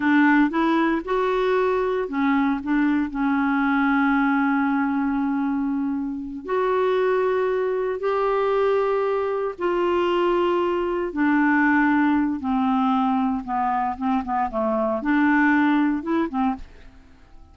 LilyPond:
\new Staff \with { instrumentName = "clarinet" } { \time 4/4 \tempo 4 = 116 d'4 e'4 fis'2 | cis'4 d'4 cis'2~ | cis'1~ | cis'8 fis'2. g'8~ |
g'2~ g'8 f'4.~ | f'4. d'2~ d'8 | c'2 b4 c'8 b8 | a4 d'2 e'8 c'8 | }